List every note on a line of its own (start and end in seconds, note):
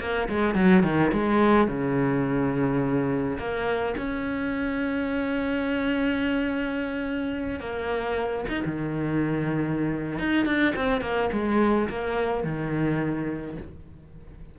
0.00 0.28 A#3
0.29 0.55 G#3
0.55 0.83 F#3
0.83 1.11 D#3
1.12 1.67 G#3
1.67 3.37 C#3
3.38 3.95 A#3
3.97 7.60 C#4
7.60 8.45 A#3
8.49 8.63 D#4
8.66 10.19 D#3
10.19 10.45 D#4
10.45 10.74 D4
10.75 11.01 C4
11.01 11.29 A#3
11.32 11.89 G#3
11.89 12.43 A#3
12.43 13.57 D#3